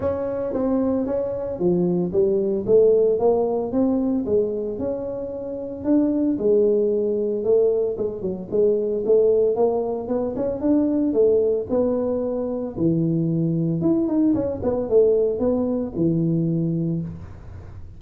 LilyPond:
\new Staff \with { instrumentName = "tuba" } { \time 4/4 \tempo 4 = 113 cis'4 c'4 cis'4 f4 | g4 a4 ais4 c'4 | gis4 cis'2 d'4 | gis2 a4 gis8 fis8 |
gis4 a4 ais4 b8 cis'8 | d'4 a4 b2 | e2 e'8 dis'8 cis'8 b8 | a4 b4 e2 | }